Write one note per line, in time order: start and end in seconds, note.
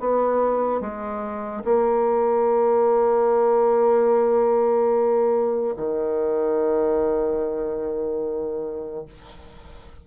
0.00 0.81 B3
0.81 1.63 G#3
1.64 5.75 A#3
5.76 9.05 D#3